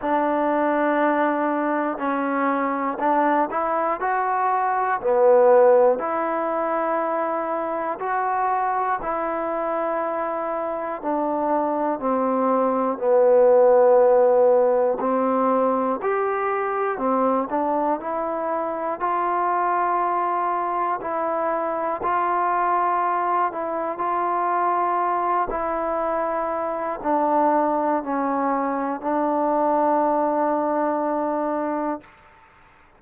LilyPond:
\new Staff \with { instrumentName = "trombone" } { \time 4/4 \tempo 4 = 60 d'2 cis'4 d'8 e'8 | fis'4 b4 e'2 | fis'4 e'2 d'4 | c'4 b2 c'4 |
g'4 c'8 d'8 e'4 f'4~ | f'4 e'4 f'4. e'8 | f'4. e'4. d'4 | cis'4 d'2. | }